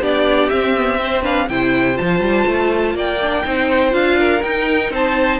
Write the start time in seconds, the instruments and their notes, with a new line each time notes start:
0.00 cello B3, viola D4, violin G4 D5
0.49 viola C4, cello C4, violin E5
0.76 viola B3
0.98 viola C4, violin C5
1.22 viola D4, violin B4 F5
1.49 cello C3, viola E4, violin C5 G5
1.95 viola F4, violin A5
2.01 cello F3
2.19 cello G3
2.47 cello A3
2.94 cello A#3, violin D5 G5
3.22 viola D4
3.44 cello C4, viola D#4, violin C5
3.90 cello D4, viola F4, violin F5
4.19 violin A#4
4.42 cello D#4, viola D#4, violin G5
4.90 cello C4, violin C5 A5